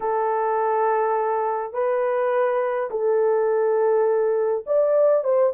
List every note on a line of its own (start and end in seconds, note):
0.00 1.73 A4
1.73 2.89 B4
2.90 4.64 A4
4.66 5.23 D5
5.23 5.53 C5